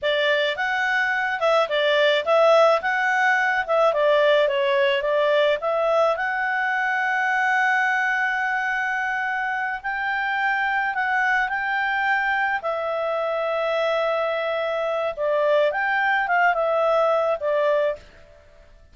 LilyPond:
\new Staff \with { instrumentName = "clarinet" } { \time 4/4 \tempo 4 = 107 d''4 fis''4. e''8 d''4 | e''4 fis''4. e''8 d''4 | cis''4 d''4 e''4 fis''4~ | fis''1~ |
fis''4. g''2 fis''8~ | fis''8 g''2 e''4.~ | e''2. d''4 | g''4 f''8 e''4. d''4 | }